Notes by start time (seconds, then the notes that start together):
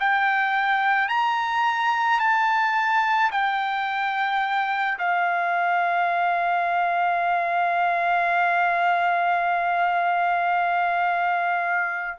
0.00 G5
1.09 A#5
2.20 A5
3.32 G5
4.99 F5